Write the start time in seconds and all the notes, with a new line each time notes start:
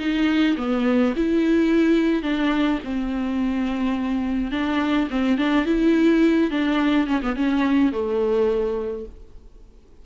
0.00 D#4
0.58 B3
1.17 E4
2.23 D4
2.85 C4
4.52 D4
5.10 C4
5.38 D4
5.66 E4
6.51 D4
7.07 C#4
7.22 B3
7.36 C#4
7.93 A3